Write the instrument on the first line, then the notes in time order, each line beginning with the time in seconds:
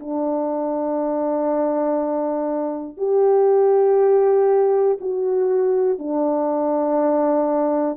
horn
0.00 D4
2.98 G4
5.01 F#4
5.99 D4